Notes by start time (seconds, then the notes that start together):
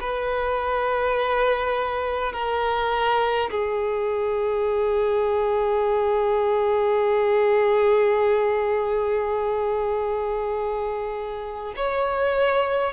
0.00 B4
2.33 A#4
3.51 G#4
11.76 C#5